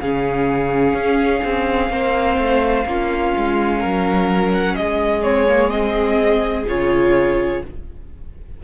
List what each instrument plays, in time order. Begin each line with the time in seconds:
0.00 cello C#3, viola C#4, violin G#4 F5
0.94 cello C#4
1.44 cello C4
1.90 cello A#3, viola C4, violin C5
2.38 cello A3
2.87 cello A#3, viola C#4, violin F4
3.37 cello G#3
3.80 cello F#3, violin A#4
4.53 violin F#5
4.76 cello G#3, violin G#4 D#5
5.24 viola C4, violin C#5
5.48 viola A#3
5.70 viola C4, violin D#5
6.67 cello C#3, viola F4, violin C#5